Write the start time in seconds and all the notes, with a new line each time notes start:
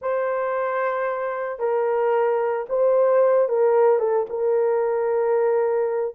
0.01 C5
1.59 A#4
2.69 C5
3.48 A#4
3.99 A4
4.29 A#4